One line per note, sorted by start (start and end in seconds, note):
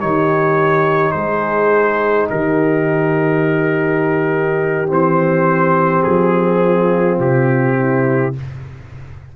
0.00 1.14 D#3
0.00 4.87 D#4
0.00 1.13 G4
0.00 1.11 C#5
1.11 2.30 G#3
1.11 2.29 G#4
1.11 2.27 C5
2.30 4.89 D#3
2.30 6.63 G4
2.30 4.89 A#4
4.87 6.05 E3
4.87 8.33 C4
4.87 6.03 C5
6.03 7.19 F3
6.03 7.18 G#4
6.64 7.78 F4
7.19 8.34 C3
7.19 8.35 G4
7.78 8.36 E4